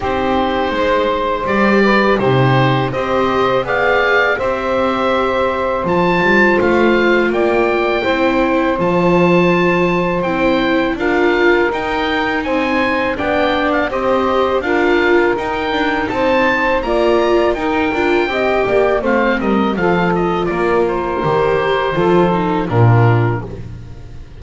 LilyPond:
<<
  \new Staff \with { instrumentName = "oboe" } { \time 4/4 \tempo 4 = 82 c''2 d''4 c''4 | dis''4 f''4 e''2 | a''4 f''4 g''2 | a''2 g''4 f''4 |
g''4 gis''4 g''8. f''16 dis''4 | f''4 g''4 a''4 ais''4 | g''2 f''8 dis''8 f''8 dis''8 | d''8 c''2~ c''8 ais'4 | }
  \new Staff \with { instrumentName = "saxophone" } { \time 4/4 g'4 c''4. b'8 g'4 | c''4 d''4 c''2~ | c''2 d''4 c''4~ | c''2. ais'4~ |
ais'4 c''4 d''4 c''4 | ais'2 c''4 d''4 | ais'4 dis''8 d''8 c''8 ais'8 a'4 | ais'2 a'4 f'4 | }
  \new Staff \with { instrumentName = "viola" } { \time 4/4 dis'2 g'4 dis'4 | g'4 gis'4 g'2 | f'2. e'4 | f'2 e'4 f'4 |
dis'2 d'4 g'4 | f'4 dis'2 f'4 | dis'8 f'8 g'4 c'4 f'4~ | f'4 g'4 f'8 dis'8 d'4 | }
  \new Staff \with { instrumentName = "double bass" } { \time 4/4 c'4 gis4 g4 c4 | c'4 b4 c'2 | f8 g8 a4 ais4 c'4 | f2 c'4 d'4 |
dis'4 c'4 b4 c'4 | d'4 dis'8 d'8 c'4 ais4 | dis'8 d'8 c'8 ais8 a8 g8 f4 | ais4 dis4 f4 ais,4 | }
>>